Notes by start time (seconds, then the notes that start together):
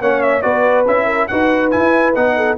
0.00 A#3 C#4 C#5 F#5
0.21 E5
0.41 B3 F#4 B4 D5
0.86 C#4 E4 E5
1.05 A#4
1.27 D#4 F#4 B4 F#5
1.70 E4 G#5
2.14 B3 D#4 F#5
2.36 A4